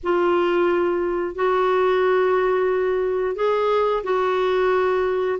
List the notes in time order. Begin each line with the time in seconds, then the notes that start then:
0.03 F4
1.35 F#4
3.35 G#4
4.03 F#4